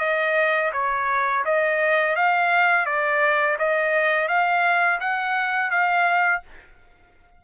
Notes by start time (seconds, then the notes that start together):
0.00 D#5
0.73 C#5
1.45 D#5
2.16 F5
2.86 D5
3.59 D#5
4.28 F5
5.00 F#5
5.70 F5